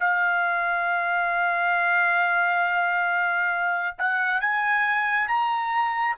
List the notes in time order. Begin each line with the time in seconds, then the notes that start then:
0.00 F5
3.98 F#5
4.41 G#5
5.28 A#5